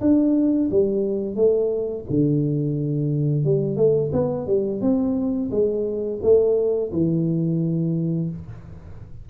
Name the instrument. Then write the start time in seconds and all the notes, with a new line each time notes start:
tuba
0.00 D4
0.71 G3
1.35 A3
2.09 D3
3.44 G3
3.76 A3
4.12 B3
4.46 G3
4.81 C4
5.50 G#3
6.22 A3
6.92 E3